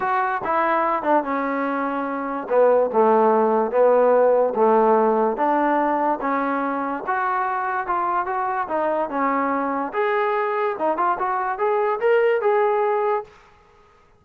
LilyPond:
\new Staff \with { instrumentName = "trombone" } { \time 4/4 \tempo 4 = 145 fis'4 e'4. d'8 cis'4~ | cis'2 b4 a4~ | a4 b2 a4~ | a4 d'2 cis'4~ |
cis'4 fis'2 f'4 | fis'4 dis'4 cis'2 | gis'2 dis'8 f'8 fis'4 | gis'4 ais'4 gis'2 | }